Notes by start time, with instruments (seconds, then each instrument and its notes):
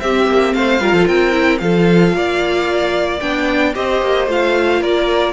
0.00 cello C4, viola C4, violin G4 E5
0.27 cello A#3
0.54 cello A3, violin C5 F5
0.80 cello G3, viola F4, violin A#4
0.92 cello F3, violin A4
1.07 cello C4, violin A#4 G5
1.32 viola E4
1.59 cello F3, viola F4, violin A4 F5
2.14 cello A#3, violin D5
3.20 cello B3, viola D4, violin G5
3.75 cello C4, viola G4, violin C5 D#5
4.02 cello A#3
4.27 cello A3, viola F4, violin F5
4.81 cello A#3, violin A#4 D5